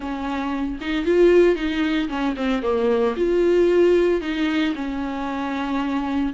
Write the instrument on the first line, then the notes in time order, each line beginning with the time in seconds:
viola
0.00 C#4
0.81 D#4
1.05 F4
1.55 D#4
2.08 C#4
2.36 C4
2.62 A#3
3.16 F4
4.21 D#4
4.75 C#4